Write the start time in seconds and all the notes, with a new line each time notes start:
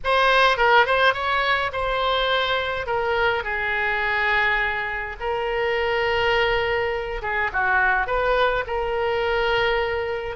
0.03 C5
0.57 A#4
0.85 C5
1.13 C#5
1.72 C5
2.86 A#4
3.43 G#4
5.19 A#4
7.21 G#4
7.53 F#4
8.06 B4
8.66 A#4